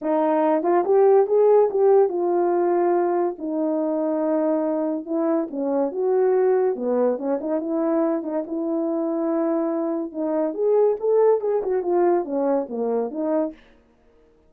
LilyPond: \new Staff \with { instrumentName = "horn" } { \time 4/4 \tempo 4 = 142 dis'4. f'8 g'4 gis'4 | g'4 f'2. | dis'1 | e'4 cis'4 fis'2 |
b4 cis'8 dis'8 e'4. dis'8 | e'1 | dis'4 gis'4 a'4 gis'8 fis'8 | f'4 cis'4 ais4 dis'4 | }